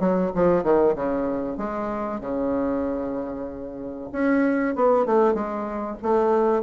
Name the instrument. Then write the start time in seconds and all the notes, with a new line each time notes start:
bassoon
0.00 F#3
0.35 F3
0.63 D#3
0.95 C#3
1.58 G#3
2.21 C#3
4.12 C#4
4.75 B3
5.06 A3
5.34 G#3
6.03 A3